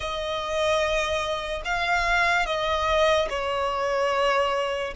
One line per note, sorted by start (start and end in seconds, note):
0.00 1.62 D#5
1.64 2.46 F5
2.46 3.28 D#5
3.29 4.94 C#5